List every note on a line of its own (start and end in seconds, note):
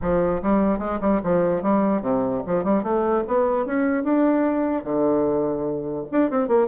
0.01 0.42 F3
0.42 0.79 G3
0.79 0.99 G#3
1.01 1.21 G3
1.23 1.62 F3
1.62 2.01 G3
2.01 2.42 C3
2.46 2.64 F3
2.64 2.83 G3
2.83 3.23 A3
3.27 3.65 B3
3.65 4.03 C#4
4.03 4.84 D4
4.84 6.05 D3
6.11 6.30 D4
6.30 6.48 C4
6.48 6.67 A#3